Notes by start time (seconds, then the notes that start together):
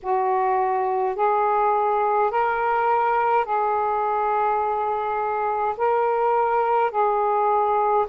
0.02 F#4
1.15 G#4
2.31 A#4
3.44 G#4
5.77 A#4
6.90 G#4